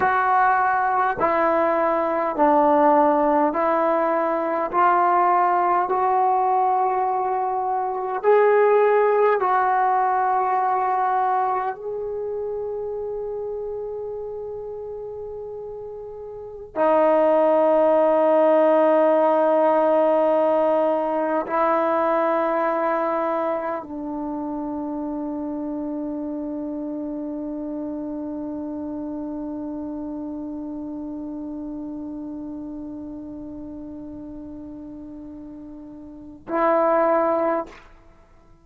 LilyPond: \new Staff \with { instrumentName = "trombone" } { \time 4/4 \tempo 4 = 51 fis'4 e'4 d'4 e'4 | f'4 fis'2 gis'4 | fis'2 gis'2~ | gis'2~ gis'16 dis'4.~ dis'16~ |
dis'2~ dis'16 e'4.~ e'16~ | e'16 d'2.~ d'8.~ | d'1~ | d'2. e'4 | }